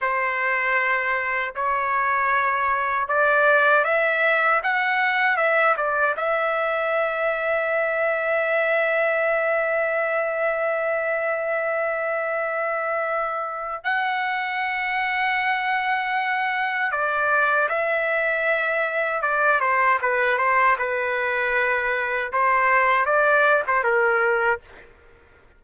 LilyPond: \new Staff \with { instrumentName = "trumpet" } { \time 4/4 \tempo 4 = 78 c''2 cis''2 | d''4 e''4 fis''4 e''8 d''8 | e''1~ | e''1~ |
e''2 fis''2~ | fis''2 d''4 e''4~ | e''4 d''8 c''8 b'8 c''8 b'4~ | b'4 c''4 d''8. c''16 ais'4 | }